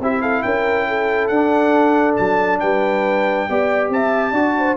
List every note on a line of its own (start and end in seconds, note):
0.00 0.43 C4
0.00 1.33 E4
0.00 0.22 G4
0.00 0.22 E5
0.22 0.43 A4
0.22 0.43 F5
0.43 1.30 C#4
0.43 0.88 A#4
0.43 1.28 G5
0.88 2.62 A4
1.28 2.17 D4
1.28 3.50 D4
1.28 2.15 F#5
2.16 2.63 F#3
2.16 2.60 A5
2.60 3.49 G3
2.60 3.49 B4
2.60 3.90 G5
3.49 3.89 B3
3.49 4.34 G4
3.49 3.93 D5
3.89 4.32 C4
3.89 4.31 E5
3.89 4.77 A5
4.31 4.76 D4
4.31 4.77 F#4
4.31 4.53 D5
4.58 4.77 C5